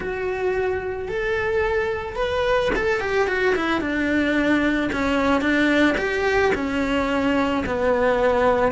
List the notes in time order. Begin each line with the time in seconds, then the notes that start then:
0.00 F#4
1.08 A4
2.16 B4
2.75 A4
3.00 G4
3.27 F#4
3.55 E4
3.80 D4
4.92 C#4
5.41 D4
5.97 G4
6.55 C#4
7.66 B3